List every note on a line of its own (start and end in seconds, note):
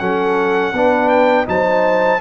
0.00 0.73 F#3
0.00 0.73 C#4
0.00 0.74 A4
0.00 1.09 F#5
0.73 1.46 B3
0.73 1.47 D4
0.73 1.47 B4
1.09 1.46 G5
1.47 2.21 F#3
1.47 2.20 D#4
1.47 2.21 C5
1.47 2.21 A5